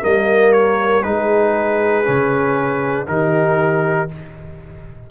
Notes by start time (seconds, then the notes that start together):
0.00 G3 A#3 A#4 D#5
0.52 C#5
1.02 G#3 D#4 G#4 B4
2.04 C#3 C#4
3.07 D#3 D#4 G4 A#4